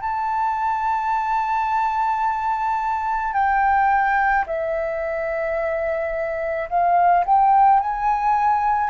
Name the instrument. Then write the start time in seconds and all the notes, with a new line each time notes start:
flute
0.00 A5
3.33 G5
4.46 E5
6.69 F5
7.25 G5
7.79 G#5